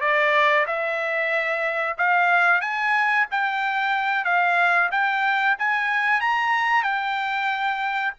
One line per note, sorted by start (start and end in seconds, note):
0.00 0.65 D5
0.66 1.97 E5
1.97 2.61 F5
2.61 3.26 G#5
3.31 4.24 G5
4.24 4.89 F5
4.91 5.56 G5
5.58 6.20 G#5
6.20 6.83 A#5
6.83 8.13 G5